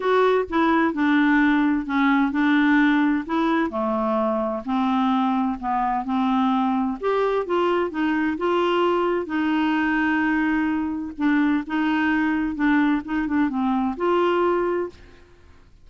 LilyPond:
\new Staff \with { instrumentName = "clarinet" } { \time 4/4 \tempo 4 = 129 fis'4 e'4 d'2 | cis'4 d'2 e'4 | a2 c'2 | b4 c'2 g'4 |
f'4 dis'4 f'2 | dis'1 | d'4 dis'2 d'4 | dis'8 d'8 c'4 f'2 | }